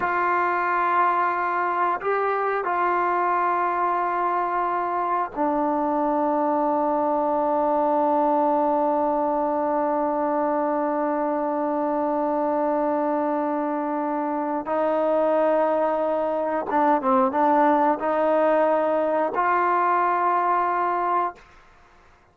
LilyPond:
\new Staff \with { instrumentName = "trombone" } { \time 4/4 \tempo 4 = 90 f'2. g'4 | f'1 | d'1~ | d'1~ |
d'1~ | d'2 dis'2~ | dis'4 d'8 c'8 d'4 dis'4~ | dis'4 f'2. | }